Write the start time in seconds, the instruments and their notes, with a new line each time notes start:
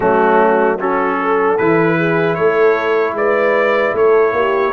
0.00 tuba F#3, trombone A3, horn C#4, trumpet F#4
0.79 trombone C#4, horn F#4, trumpet A4
1.19 horn A4
1.57 tuba E3, trombone E4, trumpet B4
1.97 horn G#4
2.34 tuba A3, horn A4, trumpet C#5
3.12 tuba G#3, horn B4, trumpet D5
3.93 tuba A3, horn A4, trumpet C#5
4.32 tuba A#3, horn G4